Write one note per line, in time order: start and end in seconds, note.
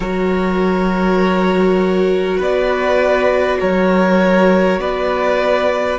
0.00 2.38 F#3
0.00 5.98 F#4
0.00 2.37 A#4
0.00 2.39 C#5
2.37 3.60 B3
2.37 3.57 B4
2.37 3.60 D5
3.60 4.79 F#3
3.60 4.79 A#4
3.60 4.80 C#5
4.79 5.98 B3
4.79 5.98 B4
4.79 5.98 D5